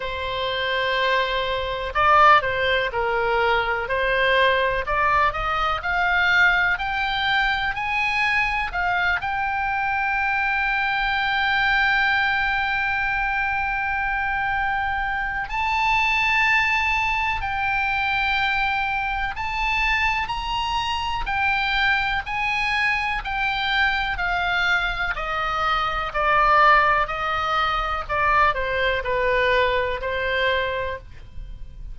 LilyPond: \new Staff \with { instrumentName = "oboe" } { \time 4/4 \tempo 4 = 62 c''2 d''8 c''8 ais'4 | c''4 d''8 dis''8 f''4 g''4 | gis''4 f''8 g''2~ g''8~ | g''1 |
a''2 g''2 | a''4 ais''4 g''4 gis''4 | g''4 f''4 dis''4 d''4 | dis''4 d''8 c''8 b'4 c''4 | }